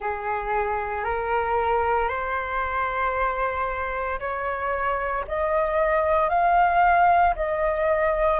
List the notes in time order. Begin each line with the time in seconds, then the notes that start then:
0.00 G#4
1.04 A#4
2.08 C5
4.19 C#5
5.27 D#5
6.29 F5
7.35 D#5